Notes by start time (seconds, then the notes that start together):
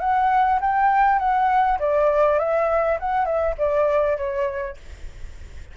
0.00 F#5
0.60 G5
1.19 F#5
1.79 D5
2.39 E5
2.99 F#5
3.25 E5
3.58 D5
4.17 C#5